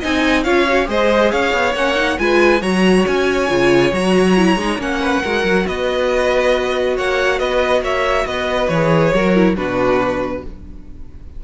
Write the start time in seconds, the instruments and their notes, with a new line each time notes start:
0.00 cello C4, viola D#4, violin D#5 G#5
0.43 cello C#4, viola F4, violin C#5 F5
0.68 viola F#4
0.86 cello G#3, viola G#4, violin C5 D#5
1.31 cello C#4, violin C#5 F5
1.53 cello B3
1.74 cello A#3, viola C#4, violin F#5
1.95 viola D#4
2.18 cello G#3, viola F4, violin B4 G#5
2.61 cello F#3, viola F#4, violin C#5 A#5
3.07 cello C#4, violin G#5
3.48 cello C#3, viola F4
3.92 cello F#3, viola F#4, violin A#5
4.37 viola E4
4.56 cello G#3, viola D#4
4.78 cello A#3, viola C#4, violin F#5
5.01 violin B4
5.22 cello G#3, viola F#4, violin A#4
5.44 cello F#3
5.67 cello B3, violin B4 D#5
6.96 cello A#3, violin C#5 F#5
7.39 cello B3, violin B4 D#5
7.82 cello A#3, violin C#5 E5
8.26 cello B3, violin B4 D#5
8.68 cello E3, viola G#4, violin C#5
9.14 cello F#3, viola F#4, violin A#4
9.35 viola E4
9.56 cello B2, viola D4, violin F#4 B4